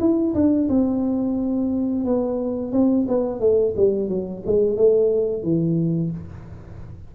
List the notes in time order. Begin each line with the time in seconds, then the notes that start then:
0.00 E4
0.34 D4
0.69 C4
2.05 B3
2.72 C4
3.08 B3
3.40 A3
3.76 G3
4.09 F#3
4.46 G#3
4.76 A3
5.43 E3